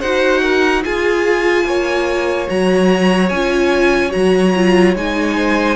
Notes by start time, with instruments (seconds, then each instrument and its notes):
0.00 cello D#4, viola F#4, violin C5 F#5
0.42 violin A#4
0.83 viola F4, cello F4, violin G#4 G#5
1.65 cello A#3, violin C#5
2.47 cello F#3, viola F#4, violin A#5
3.29 cello C#4, viola F4, violin G#5
4.10 cello F#3, viola F#4, violin A#5
4.56 viola F4
4.96 cello G#3, viola D#4, violin G#5
5.36 violin C5